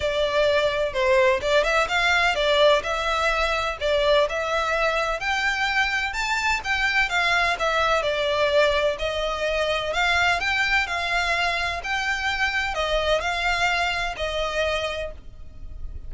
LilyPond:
\new Staff \with { instrumentName = "violin" } { \time 4/4 \tempo 4 = 127 d''2 c''4 d''8 e''8 | f''4 d''4 e''2 | d''4 e''2 g''4~ | g''4 a''4 g''4 f''4 |
e''4 d''2 dis''4~ | dis''4 f''4 g''4 f''4~ | f''4 g''2 dis''4 | f''2 dis''2 | }